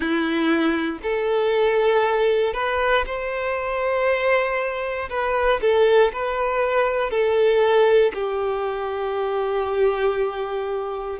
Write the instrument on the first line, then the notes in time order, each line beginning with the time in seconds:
violin
0.00 E4
1.02 A4
2.53 B4
3.06 C5
5.09 B4
5.61 A4
6.12 B4
7.10 A4
8.14 G4